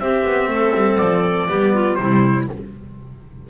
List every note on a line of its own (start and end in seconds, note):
0.00 0.25 C4
0.00 1.50 C4
0.00 0.51 G4
0.00 0.98 E5
0.25 0.47 B3
0.47 0.72 A3
0.47 1.49 A4
0.75 0.99 G3
0.98 1.50 F3
0.98 1.96 D5
1.49 2.00 G3
1.49 1.99 B3
1.49 1.74 G4
1.74 1.99 F4
1.96 2.50 C3
1.96 2.50 G3
1.96 2.50 E4
1.96 2.46 C5